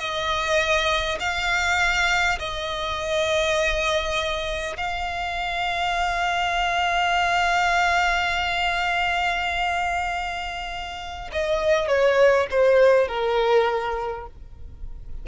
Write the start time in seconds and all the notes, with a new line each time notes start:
0.00 D#5
1.20 F5
2.39 D#5
4.78 F5
11.32 D#5
11.88 C#5
12.51 C5
13.08 A#4